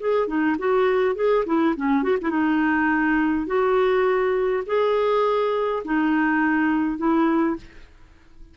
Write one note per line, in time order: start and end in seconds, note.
0.00 0.28 G#4
0.28 0.57 D#4
0.59 1.16 F#4
1.16 1.45 G#4
1.46 1.75 E4
1.77 2.03 C#4
2.03 2.18 F#4
2.22 2.30 E4
2.30 3.47 D#4
3.47 4.64 F#4
4.67 5.83 G#4
5.85 6.98 D#4
6.98 7.56 E4